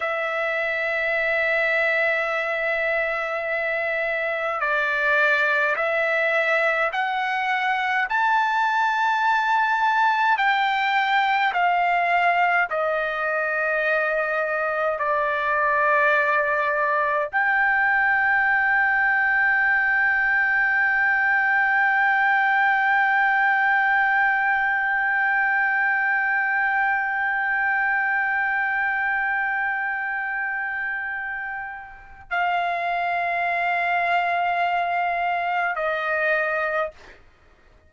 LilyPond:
\new Staff \with { instrumentName = "trumpet" } { \time 4/4 \tempo 4 = 52 e''1 | d''4 e''4 fis''4 a''4~ | a''4 g''4 f''4 dis''4~ | dis''4 d''2 g''4~ |
g''1~ | g''1~ | g''1 | f''2. dis''4 | }